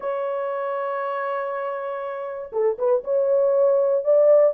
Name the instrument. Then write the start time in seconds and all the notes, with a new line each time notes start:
horn
0.00 C#5
2.52 A4
2.78 B4
3.04 C#5
4.04 D5